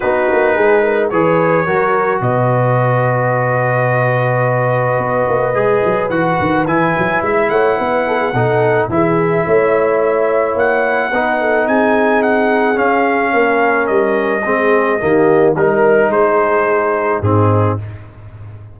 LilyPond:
<<
  \new Staff \with { instrumentName = "trumpet" } { \time 4/4 \tempo 4 = 108 b'2 cis''2 | dis''1~ | dis''2. fis''4 | gis''4 e''8 fis''2~ fis''8 |
e''2. fis''4~ | fis''4 gis''4 fis''4 f''4~ | f''4 dis''2. | ais'4 c''2 gis'4 | }
  \new Staff \with { instrumentName = "horn" } { \time 4/4 fis'4 gis'8 ais'8 b'4 ais'4 | b'1~ | b'1~ | b'4. cis''8 b'8 a'16 gis'16 a'4 |
gis'4 cis''2. | b'8 a'8 gis'2. | ais'2 gis'4 g'4 | ais'4 gis'2 dis'4 | }
  \new Staff \with { instrumentName = "trombone" } { \time 4/4 dis'2 gis'4 fis'4~ | fis'1~ | fis'2 gis'4 fis'4 | e'2. dis'4 |
e'1 | dis'2. cis'4~ | cis'2 c'4 ais4 | dis'2. c'4 | }
  \new Staff \with { instrumentName = "tuba" } { \time 4/4 b8 ais8 gis4 e4 fis4 | b,1~ | b,4 b8 ais8 gis8 fis8 e8 dis8 | e8 fis8 gis8 a8 b4 b,4 |
e4 a2 ais4 | b4 c'2 cis'4 | ais4 g4 gis4 dis4 | g4 gis2 gis,4 | }
>>